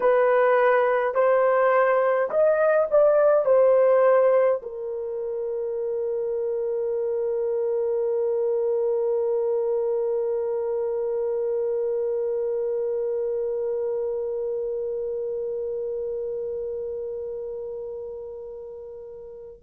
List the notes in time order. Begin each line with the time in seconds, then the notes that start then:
0.00 B4
1.14 C5
2.30 D#5
2.91 D5
3.45 C5
4.62 A#4